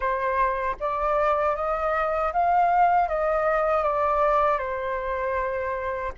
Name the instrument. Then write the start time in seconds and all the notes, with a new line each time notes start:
flute
0.00 C5
0.79 D5
1.55 D#5
2.32 F5
3.08 D#5
3.83 D5
4.58 C5